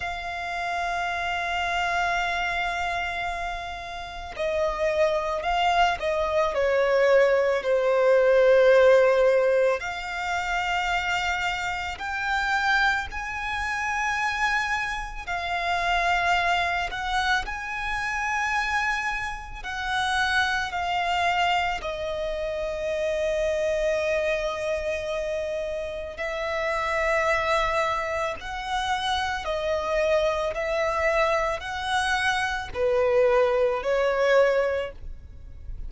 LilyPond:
\new Staff \with { instrumentName = "violin" } { \time 4/4 \tempo 4 = 55 f''1 | dis''4 f''8 dis''8 cis''4 c''4~ | c''4 f''2 g''4 | gis''2 f''4. fis''8 |
gis''2 fis''4 f''4 | dis''1 | e''2 fis''4 dis''4 | e''4 fis''4 b'4 cis''4 | }